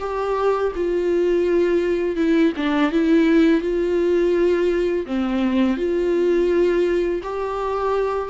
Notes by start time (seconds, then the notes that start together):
0.00 G4
0.76 F4
2.17 E4
2.57 D4
2.92 E4
3.61 F4
5.06 C4
5.77 F4
7.23 G4